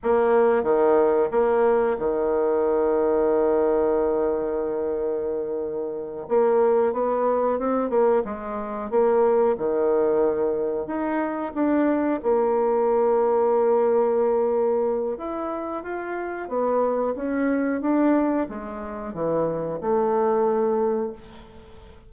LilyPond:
\new Staff \with { instrumentName = "bassoon" } { \time 4/4 \tempo 4 = 91 ais4 dis4 ais4 dis4~ | dis1~ | dis4. ais4 b4 c'8 | ais8 gis4 ais4 dis4.~ |
dis8 dis'4 d'4 ais4.~ | ais2. e'4 | f'4 b4 cis'4 d'4 | gis4 e4 a2 | }